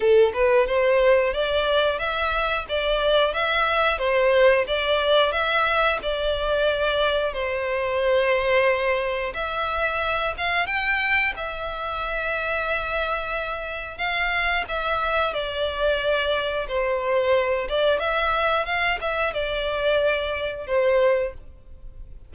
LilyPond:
\new Staff \with { instrumentName = "violin" } { \time 4/4 \tempo 4 = 90 a'8 b'8 c''4 d''4 e''4 | d''4 e''4 c''4 d''4 | e''4 d''2 c''4~ | c''2 e''4. f''8 |
g''4 e''2.~ | e''4 f''4 e''4 d''4~ | d''4 c''4. d''8 e''4 | f''8 e''8 d''2 c''4 | }